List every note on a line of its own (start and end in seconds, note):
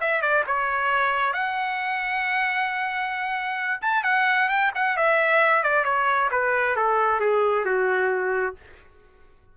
0.00 0.21 E5
0.21 0.44 D5
0.47 1.33 C#5
1.33 3.81 F#5
3.81 4.03 A5
4.03 4.48 F#5
4.49 4.71 G5
4.75 4.96 F#5
4.96 5.63 E5
5.63 5.84 D5
5.84 6.29 C#5
6.31 6.76 B4
6.76 7.20 A4
7.20 7.65 G#4
7.65 8.55 F#4